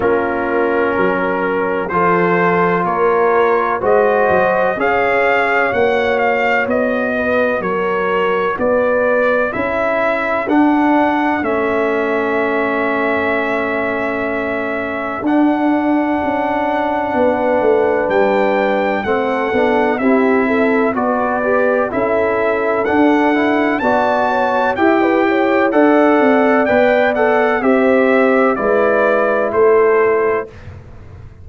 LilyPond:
<<
  \new Staff \with { instrumentName = "trumpet" } { \time 4/4 \tempo 4 = 63 ais'2 c''4 cis''4 | dis''4 f''4 fis''8 f''8 dis''4 | cis''4 d''4 e''4 fis''4 | e''1 |
fis''2. g''4 | fis''4 e''4 d''4 e''4 | fis''4 a''4 g''4 fis''4 | g''8 fis''8 e''4 d''4 c''4 | }
  \new Staff \with { instrumentName = "horn" } { \time 4/4 f'4 ais'4 a'4 ais'4 | c''4 cis''2~ cis''8 b'8 | ais'4 b'4 a'2~ | a'1~ |
a'2 b'2 | a'4 g'8 a'8 b'4 a'4~ | a'4 d''8 cis''8 e''16 b'16 cis''8 d''4~ | d''4 c''4 b'4 a'4 | }
  \new Staff \with { instrumentName = "trombone" } { \time 4/4 cis'2 f'2 | fis'4 gis'4 fis'2~ | fis'2 e'4 d'4 | cis'1 |
d'1 | c'8 d'8 e'4 fis'8 g'8 e'4 | d'8 e'8 fis'4 g'4 a'4 | b'8 a'8 g'4 e'2 | }
  \new Staff \with { instrumentName = "tuba" } { \time 4/4 ais4 fis4 f4 ais4 | gis8 fis8 cis'4 ais4 b4 | fis4 b4 cis'4 d'4 | a1 |
d'4 cis'4 b8 a8 g4 | a8 b8 c'4 b4 cis'4 | d'4 b4 e'4 d'8 c'8 | b4 c'4 gis4 a4 | }
>>